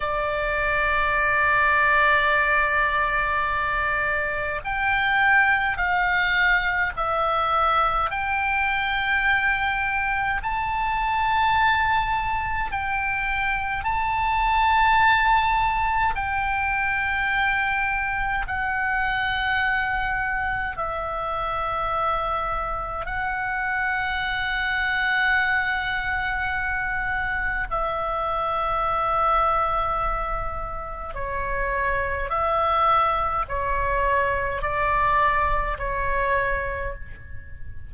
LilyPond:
\new Staff \with { instrumentName = "oboe" } { \time 4/4 \tempo 4 = 52 d''1 | g''4 f''4 e''4 g''4~ | g''4 a''2 g''4 | a''2 g''2 |
fis''2 e''2 | fis''1 | e''2. cis''4 | e''4 cis''4 d''4 cis''4 | }